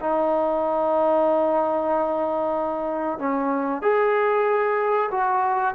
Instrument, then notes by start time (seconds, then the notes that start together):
trombone
0.00 D#4
3.19 C#4
3.82 G#4
5.11 F#4